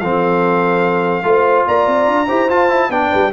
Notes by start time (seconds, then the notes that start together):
0.00 F3 C4 A4 F5
1.24 A3 F4 C5
1.67 A#3 D5 A#5
1.87 C4
2.08 D4
2.27 E4 G4 C5
2.50 F4 A5
2.69 E4
2.90 B3 D4 D5 G5
3.10 G3 B4